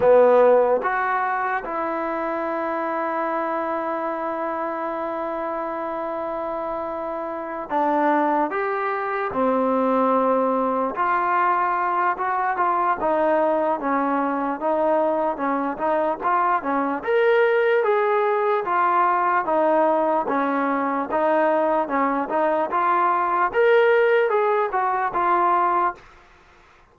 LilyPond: \new Staff \with { instrumentName = "trombone" } { \time 4/4 \tempo 4 = 74 b4 fis'4 e'2~ | e'1~ | e'4. d'4 g'4 c'8~ | c'4. f'4. fis'8 f'8 |
dis'4 cis'4 dis'4 cis'8 dis'8 | f'8 cis'8 ais'4 gis'4 f'4 | dis'4 cis'4 dis'4 cis'8 dis'8 | f'4 ais'4 gis'8 fis'8 f'4 | }